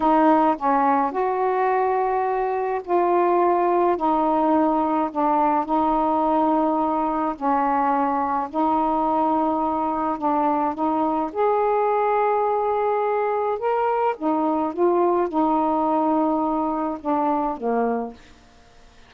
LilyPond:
\new Staff \with { instrumentName = "saxophone" } { \time 4/4 \tempo 4 = 106 dis'4 cis'4 fis'2~ | fis'4 f'2 dis'4~ | dis'4 d'4 dis'2~ | dis'4 cis'2 dis'4~ |
dis'2 d'4 dis'4 | gis'1 | ais'4 dis'4 f'4 dis'4~ | dis'2 d'4 ais4 | }